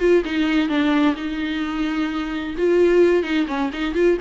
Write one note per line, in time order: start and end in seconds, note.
0.00 0.23 F4
0.25 0.69 D#4
0.69 1.16 D4
1.16 2.56 D#4
2.58 3.23 F4
3.23 3.47 D#4
3.48 3.71 C#4
3.73 3.95 D#4
3.95 4.18 F4